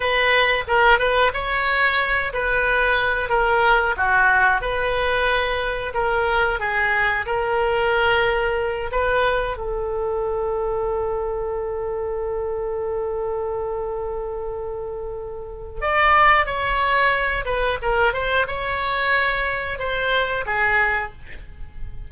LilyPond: \new Staff \with { instrumentName = "oboe" } { \time 4/4 \tempo 4 = 91 b'4 ais'8 b'8 cis''4. b'8~ | b'4 ais'4 fis'4 b'4~ | b'4 ais'4 gis'4 ais'4~ | ais'4. b'4 a'4.~ |
a'1~ | a'1 | d''4 cis''4. b'8 ais'8 c''8 | cis''2 c''4 gis'4 | }